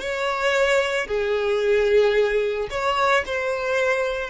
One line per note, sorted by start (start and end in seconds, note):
0.00 1.07 C#5
1.07 2.68 G#4
2.70 3.24 C#5
3.25 4.30 C5